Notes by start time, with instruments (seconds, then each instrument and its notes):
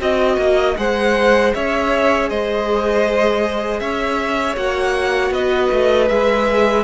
0.00 cello C4, viola F#4, violin D#5
0.37 cello A#3
0.77 cello G#3, viola G#4, violin C5 F#5
1.54 cello C#4, violin C#5 E5
2.29 cello G#3, violin C5 D#5
3.80 cello C#4, violin C#5 E5
4.56 cello A#3, viola F#4, violin F#5
5.31 cello B3, violin B4 D#5
5.72 cello A3
6.08 cello G#3, viola G#4, violin E5